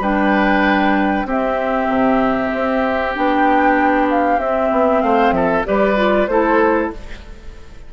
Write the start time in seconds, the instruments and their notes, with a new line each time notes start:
0.00 bassoon G3, clarinet D4, oboe B4, flute G5
1.25 bassoon C4, clarinet C4, oboe G4, flute E5
1.88 bassoon C3
2.53 bassoon C4
3.13 bassoon B3, clarinet D4, flute G5
4.10 flute F5
4.38 bassoon C4, clarinet C4, flute E5
4.71 bassoon B3
5.01 bassoon A3, oboe C5, flute F5
5.31 bassoon F3, oboe A4, flute E5
5.64 bassoon G3, clarinet G4, oboe B4, flute D5
5.96 clarinet F4
6.27 bassoon A3, clarinet E4, oboe A4, flute C5